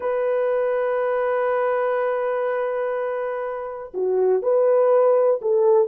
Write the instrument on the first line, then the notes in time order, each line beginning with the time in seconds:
horn
0.00 B4
3.93 F#4
4.42 B4
5.41 A4